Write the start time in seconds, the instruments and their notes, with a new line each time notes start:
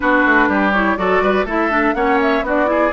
0.00 bassoon B3, clarinet D4, oboe F#4, flute B4
0.25 bassoon A3
0.47 bassoon G3, oboe G4
0.73 clarinet E4, flute C#5
0.97 bassoon F#3, clarinet F#4, oboe A4, flute D5
1.20 bassoon G3, oboe B4
1.44 bassoon A3, clarinet E4, oboe A4, flute E5
1.70 clarinet D4
1.94 bassoon A#3, clarinet C#4, oboe C#5, flute F#5
2.21 flute E5
2.42 bassoon B3, clarinet D4, oboe F#4
2.48 flute D5
2.66 clarinet E4, oboe G#4